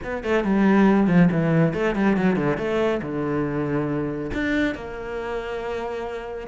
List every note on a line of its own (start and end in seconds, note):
0.03 0.23 B3
0.23 0.43 A3
0.43 1.07 G3
1.07 1.28 F3
1.31 1.73 E3
1.73 1.95 A3
1.95 2.16 G3
2.17 2.35 F#3
2.35 2.57 D3
2.57 3.00 A3
3.01 4.31 D3
4.33 4.74 D4
4.74 6.47 A#3